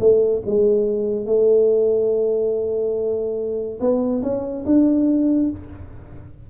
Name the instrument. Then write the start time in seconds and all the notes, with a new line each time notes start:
tuba
0.00 A3
0.46 G#3
1.26 A3
3.80 B3
4.23 C#4
4.65 D4